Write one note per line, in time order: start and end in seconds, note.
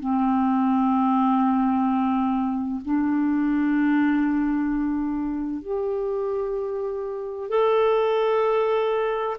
0.00 2.81 C4
2.85 5.62 D4
5.62 7.49 G4
7.50 9.37 A4